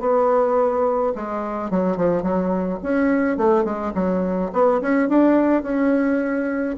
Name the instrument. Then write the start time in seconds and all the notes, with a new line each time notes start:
bassoon
0.00 B3
1.15 G#3
1.70 F#3
1.97 F3
2.22 F#3
2.83 C#4
3.37 A3
3.64 G#3
3.94 F#3
4.53 B3
4.81 C#4
5.09 D4
5.63 C#4